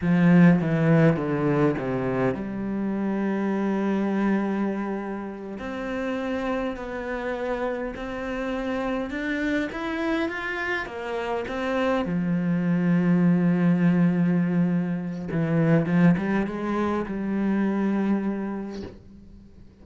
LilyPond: \new Staff \with { instrumentName = "cello" } { \time 4/4 \tempo 4 = 102 f4 e4 d4 c4 | g1~ | g4. c'2 b8~ | b4. c'2 d'8~ |
d'8 e'4 f'4 ais4 c'8~ | c'8 f2.~ f8~ | f2 e4 f8 g8 | gis4 g2. | }